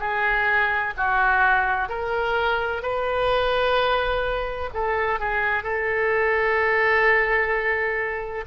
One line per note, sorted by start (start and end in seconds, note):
0.00 0.94 G#4
0.97 1.89 F#4
1.89 2.83 A#4
2.83 4.70 B4
4.74 5.20 A4
5.20 5.64 G#4
5.64 8.45 A4